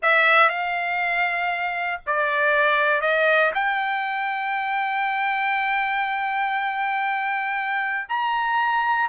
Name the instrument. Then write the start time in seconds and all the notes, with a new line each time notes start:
trumpet
0.02 E5
0.49 F5
2.06 D5
3.01 D#5
3.54 G5
8.08 A#5